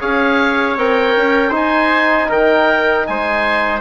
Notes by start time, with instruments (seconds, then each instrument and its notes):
0.00 bassoon C#4, trombone G#4, trumpet C#5, oboe F5
0.77 bassoon C4, trombone A#4, oboe G5
1.17 bassoon C#4
1.50 trombone D#4, bassoon D#4, trumpet C5
1.56 oboe G#5
2.29 bassoon D#3, trumpet A#4, oboe G5
3.07 bassoon G#3, trumpet C5, oboe G#5